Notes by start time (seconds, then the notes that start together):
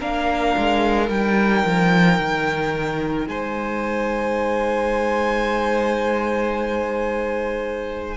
0.00 A#3 D4 A#4 F5
0.57 G#3
1.08 G3 D#4 G5
1.65 F3
2.19 D#3
3.27 G#3 C5 G#5